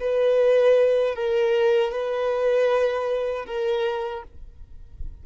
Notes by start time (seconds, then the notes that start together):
0.00 B4
1.15 A#4
1.92 B4
3.46 A#4